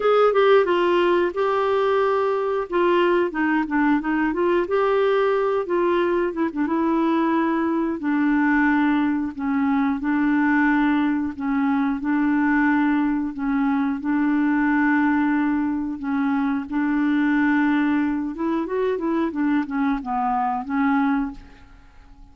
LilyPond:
\new Staff \with { instrumentName = "clarinet" } { \time 4/4 \tempo 4 = 90 gis'8 g'8 f'4 g'2 | f'4 dis'8 d'8 dis'8 f'8 g'4~ | g'8 f'4 e'16 d'16 e'2 | d'2 cis'4 d'4~ |
d'4 cis'4 d'2 | cis'4 d'2. | cis'4 d'2~ d'8 e'8 | fis'8 e'8 d'8 cis'8 b4 cis'4 | }